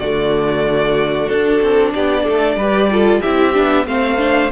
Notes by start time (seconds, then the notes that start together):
0.00 D3 A3 F#4 D5
1.29 D4 A4
1.62 C4
1.95 B3 G4 D5
2.24 A3 A4
2.57 G3 G4 B4
2.91 F4 A4
3.21 C4 E4 G4 E5
3.54 B3 D4
3.87 A3 C4 C5 F5
4.18 D4